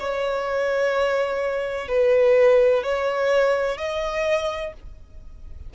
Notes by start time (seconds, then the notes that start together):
0.00 C#5
1.88 B4
2.84 C#5
3.78 D#5